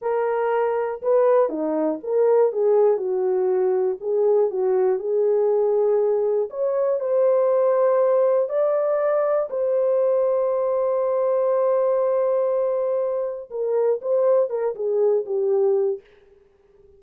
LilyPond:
\new Staff \with { instrumentName = "horn" } { \time 4/4 \tempo 4 = 120 ais'2 b'4 dis'4 | ais'4 gis'4 fis'2 | gis'4 fis'4 gis'2~ | gis'4 cis''4 c''2~ |
c''4 d''2 c''4~ | c''1~ | c''2. ais'4 | c''4 ais'8 gis'4 g'4. | }